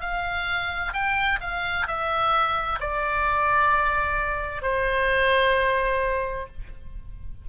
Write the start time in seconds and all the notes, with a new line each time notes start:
0.00 F5
0.93 G5
1.40 F5
1.87 E5
2.79 D5
4.62 C5